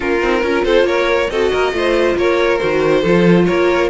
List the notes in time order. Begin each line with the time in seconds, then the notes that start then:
0.00 A#3 C#4 F4 A#4
0.22 C4 D#4
0.40 C#4 F4 A#4
0.64 C4 A4 C5
0.83 A#3 A#4 C#5
1.29 C4 F#4 A4 D#5
1.51 A#3 A#4
1.72 A3 F4 C5
2.16 A#3 A#4 C#5
2.58 D#3 F#4 C5
3.01 F3 F4 A4
3.45 A#3 A#4 C#5